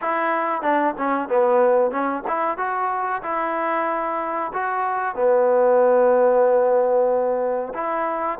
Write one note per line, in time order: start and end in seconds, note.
0.01 0.62 E4
0.62 0.94 D4
0.97 1.28 C#4
1.28 1.91 B3
1.91 2.23 C#4
2.27 2.57 E4
2.57 3.22 F#4
3.23 4.52 E4
4.53 5.15 F#4
5.15 7.73 B3
7.74 8.38 E4